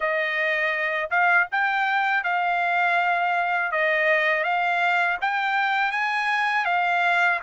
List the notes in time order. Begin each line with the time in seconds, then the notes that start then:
0.00 D#5
1.10 F5
1.51 G5
2.23 F5
3.71 D#5
4.43 F5
5.21 G5
5.91 G#5
6.65 F5